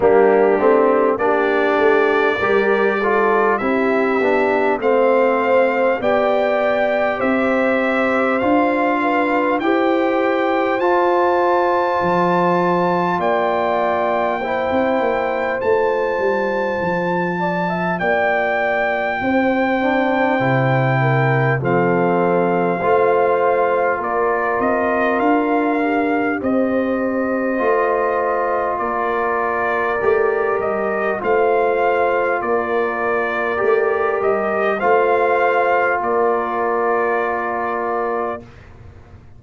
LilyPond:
<<
  \new Staff \with { instrumentName = "trumpet" } { \time 4/4 \tempo 4 = 50 g'4 d''2 e''4 | f''4 g''4 e''4 f''4 | g''4 a''2 g''4~ | g''4 a''2 g''4~ |
g''2 f''2 | d''8 dis''8 f''4 dis''2 | d''4. dis''8 f''4 d''4~ | d''8 dis''8 f''4 d''2 | }
  \new Staff \with { instrumentName = "horn" } { \time 4/4 d'4 g'4 ais'8 a'8 g'4 | c''4 d''4 c''4. b'8 | c''2. d''4 | c''2~ c''8 d''16 e''16 d''4 |
c''4. ais'8 a'4 c''4 | ais'2 c''2 | ais'2 c''4 ais'4~ | ais'4 c''4 ais'2 | }
  \new Staff \with { instrumentName = "trombone" } { \time 4/4 ais8 c'8 d'4 g'8 f'8 e'8 d'8 | c'4 g'2 f'4 | g'4 f'2. | e'4 f'2.~ |
f'8 d'8 e'4 c'4 f'4~ | f'4. g'4. f'4~ | f'4 g'4 f'2 | g'4 f'2. | }
  \new Staff \with { instrumentName = "tuba" } { \time 4/4 g8 a8 ais8 a8 g4 c'8 b8 | a4 b4 c'4 d'4 | e'4 f'4 f4 ais4~ | ais16 c'16 ais8 a8 g8 f4 ais4 |
c'4 c4 f4 a4 | ais8 c'8 d'4 c'4 a4 | ais4 a8 g8 a4 ais4 | a8 g8 a4 ais2 | }
>>